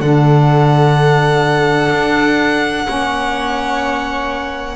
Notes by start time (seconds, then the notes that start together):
0.00 D3 D4 A4 F#5
1.92 D4
2.85 A#3 C#4 C#5